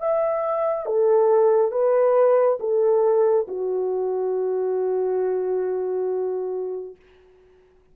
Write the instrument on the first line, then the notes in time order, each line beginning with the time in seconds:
horn
0.00 E5
0.86 A4
1.72 B4
2.60 A4
3.48 F#4